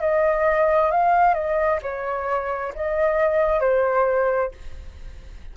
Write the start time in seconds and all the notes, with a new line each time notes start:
0.00 D#5
0.90 F5
1.33 D#5
1.82 C#5
2.75 D#5
3.60 C5